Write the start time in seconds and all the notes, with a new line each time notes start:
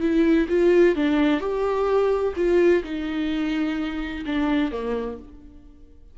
0.00 E4
0.49 F4
0.95 D4
1.40 G4
2.36 F4
2.83 D#4
4.25 D4
4.71 A#3